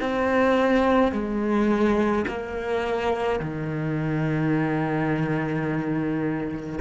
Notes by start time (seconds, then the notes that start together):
0.00 C4
1.12 G#3
2.27 A#3
3.40 D#3